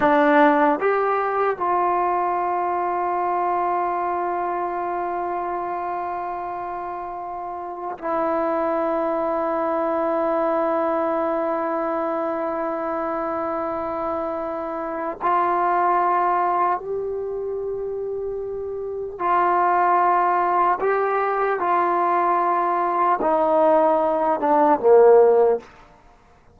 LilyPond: \new Staff \with { instrumentName = "trombone" } { \time 4/4 \tempo 4 = 75 d'4 g'4 f'2~ | f'1~ | f'2 e'2~ | e'1~ |
e'2. f'4~ | f'4 g'2. | f'2 g'4 f'4~ | f'4 dis'4. d'8 ais4 | }